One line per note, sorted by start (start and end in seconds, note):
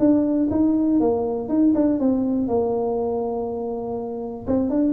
0.00 0.50 D4
0.51 1.01 D#4
1.01 1.49 A#3
1.49 1.74 D#4
1.75 2.00 D4
2.00 2.48 C4
2.48 4.47 A#3
4.47 4.70 C4
4.70 4.94 D4